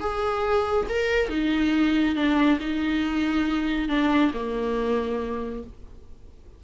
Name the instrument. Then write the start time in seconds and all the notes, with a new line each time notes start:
viola
0.00 G#4
0.89 A#4
1.29 D#4
2.15 D4
2.60 D#4
3.88 D4
4.34 A#3